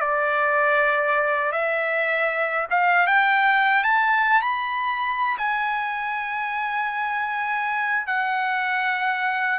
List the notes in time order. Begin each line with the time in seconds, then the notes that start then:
0.00 D5
1.52 E5
2.70 F5
3.07 G5
3.84 A5
4.41 B5
5.38 G#5
8.07 F#5